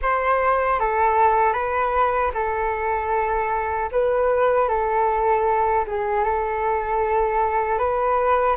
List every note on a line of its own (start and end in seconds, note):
0.02 0.79 C5
0.79 1.53 A4
1.53 2.31 B4
2.33 3.89 A4
3.91 4.68 B4
4.68 5.85 A4
5.87 6.23 G#4
6.23 7.78 A4
7.78 8.56 B4